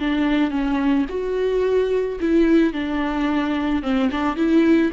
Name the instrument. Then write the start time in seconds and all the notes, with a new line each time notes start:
viola
0.00 D4
0.51 C#4
1.09 F#4
2.20 E4
2.73 D4
3.82 C4
4.11 D4
4.36 E4